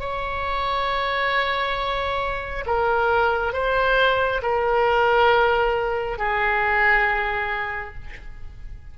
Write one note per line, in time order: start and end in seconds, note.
0.00 2.65 C#5
2.66 3.53 A#4
3.53 4.42 C5
4.42 6.18 A#4
6.18 7.95 G#4